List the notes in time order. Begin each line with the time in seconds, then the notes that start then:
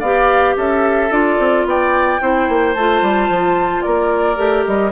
0.00 B3 G4 D5 F5
0.56 C#4 A4 E5
1.11 D4 F4 D5
1.39 C4
1.65 B3 D5 G5
2.20 C4 E4 C5
2.49 A#3
2.74 A3 F4 A5
3.02 G3
3.29 F3
3.82 A#3 A#4 D5
4.36 A3 G4
4.66 G3 D#5